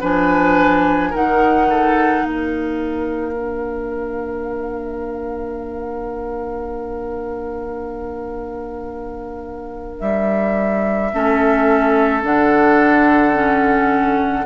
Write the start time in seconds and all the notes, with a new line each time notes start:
0.00 F3 D4 B4 G#5
1.10 D#3 D#4 A#4 F#5
1.70 A4
2.24 A#3 A#4 F5
3.32 D4
10.00 G3 E5
11.14 A3 C#4 A4
12.22 D3 D4 F#5
13.33 C#4